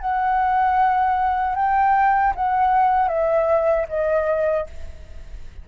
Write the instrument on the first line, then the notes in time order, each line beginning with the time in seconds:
flute
0.00 F#5
1.55 G5
2.36 F#5
3.08 E5
3.89 D#5